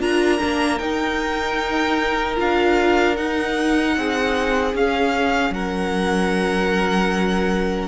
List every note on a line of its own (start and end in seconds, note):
0.00 0.39 D4
0.00 0.39 F4
0.00 3.96 A#4
0.00 0.79 A#5
0.39 0.80 A#3
0.39 0.79 D4
0.79 2.36 D#4
0.79 2.38 D#4
0.79 2.37 G5
2.36 3.18 D4
2.36 3.15 F4
2.36 3.17 F5
3.17 4.75 D#4
3.17 3.97 D#4
3.17 4.75 F#5
3.97 4.75 C4
3.97 5.54 G#4
4.75 5.51 C#4
4.75 7.89 C#4
4.75 5.54 F5
5.51 7.87 F#3
5.51 7.89 A#4
5.51 7.89 F#5